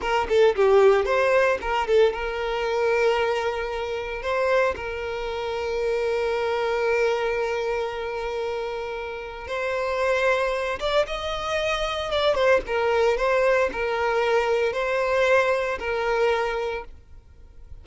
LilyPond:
\new Staff \with { instrumentName = "violin" } { \time 4/4 \tempo 4 = 114 ais'8 a'8 g'4 c''4 ais'8 a'8 | ais'1 | c''4 ais'2.~ | ais'1~ |
ais'2 c''2~ | c''8 d''8 dis''2 d''8 c''8 | ais'4 c''4 ais'2 | c''2 ais'2 | }